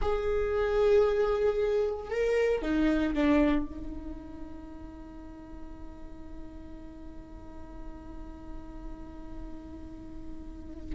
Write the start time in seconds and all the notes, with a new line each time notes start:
0.01 G#4
2.09 A#4
2.62 D#4
3.14 D4
3.65 D#4